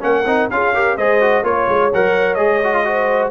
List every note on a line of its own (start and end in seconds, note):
0.00 0.26 A#3
0.00 0.24 C#4
0.00 0.53 A#4
0.00 0.50 F#5
0.26 0.49 C4
0.26 0.51 D#4
0.51 0.97 C#4
0.51 0.75 F4
0.51 0.74 G#4
0.51 0.97 F5
0.74 0.98 G4
0.74 0.97 A#4
0.97 1.43 G#3
0.97 1.21 G#4
0.97 1.44 C5
0.97 1.45 D#5
1.21 1.44 F#4
1.43 1.67 A#3
1.43 1.91 F4
1.43 2.86 C#5
1.43 1.92 C#5
1.69 1.93 G#3
1.94 2.38 F#3
1.94 2.37 A#4
1.94 2.35 F#5
2.35 3.31 G#3
2.35 2.61 G#4
2.35 3.29 D#5
2.64 2.74 F#4
2.74 2.85 F4
2.85 3.31 F#4
2.85 3.31 C5